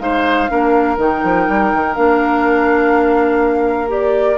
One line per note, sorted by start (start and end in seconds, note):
0.00 0.49 G#3
0.00 0.49 D#4
0.00 0.51 C5
0.00 0.98 F5
0.49 0.98 A#3
0.49 0.98 D4
0.49 4.38 A#4
0.98 1.22 D#3
0.98 1.95 D#4
0.98 1.95 G5
1.24 1.48 F3
1.49 1.73 G3
1.74 1.97 D#3
1.95 4.38 A#3
1.95 3.88 D4
1.95 3.90 F5
3.88 4.37 G4
3.88 4.38 D5